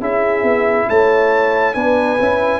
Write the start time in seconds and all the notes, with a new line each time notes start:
0.00 C#4 E4 G#4 E5
0.43 B3
0.89 A3 C#5 A5
1.74 B3 D4 B4 G#5
2.18 C#4 E4